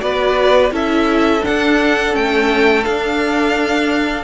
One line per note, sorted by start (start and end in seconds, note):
0.00 0.72 B3
0.00 0.71 F#4
0.00 0.73 B4
0.00 0.72 D5
0.72 1.42 C#4
0.72 1.42 E4
0.72 4.24 A4
0.72 1.45 E5
1.42 2.12 D4
1.42 2.15 F#5
1.48 2.15 D4
2.12 2.86 A3
2.12 2.82 C#4
2.12 2.84 G5
2.84 4.24 D4
2.84 4.24 F5